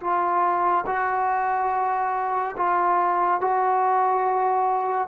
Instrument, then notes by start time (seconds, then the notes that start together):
trombone
0.00 F4
0.86 F#4
2.56 F4
3.40 F#4